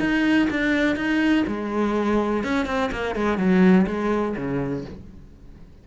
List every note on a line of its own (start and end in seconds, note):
0.00 0.48 D#4
0.50 0.96 D4
0.96 1.45 D#4
1.47 2.44 G#3
2.44 2.66 C#4
2.66 2.90 C4
2.92 3.15 A#3
3.15 3.38 G#3
3.38 3.86 F#3
3.87 4.35 G#3
4.36 4.85 C#3